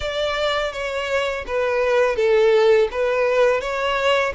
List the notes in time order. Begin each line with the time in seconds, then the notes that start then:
0.00 D5
0.72 C#5
1.46 B4
2.16 A4
2.91 B4
3.60 C#5